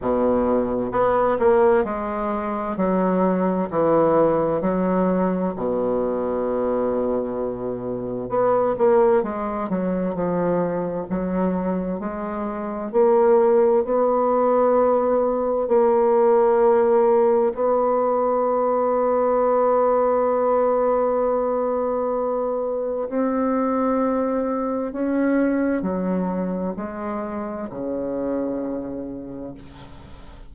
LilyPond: \new Staff \with { instrumentName = "bassoon" } { \time 4/4 \tempo 4 = 65 b,4 b8 ais8 gis4 fis4 | e4 fis4 b,2~ | b,4 b8 ais8 gis8 fis8 f4 | fis4 gis4 ais4 b4~ |
b4 ais2 b4~ | b1~ | b4 c'2 cis'4 | fis4 gis4 cis2 | }